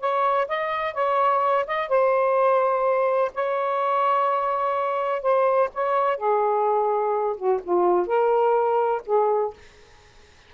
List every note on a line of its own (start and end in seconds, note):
0.00 0.48 C#5
0.48 0.94 D#5
0.94 1.65 C#5
1.67 1.89 D#5
1.89 3.32 C5
3.34 5.22 C#5
5.22 5.69 C5
5.74 6.17 C#5
6.17 7.36 G#4
7.37 7.60 F#4
7.63 8.07 F4
8.07 9.02 A#4
9.06 9.54 G#4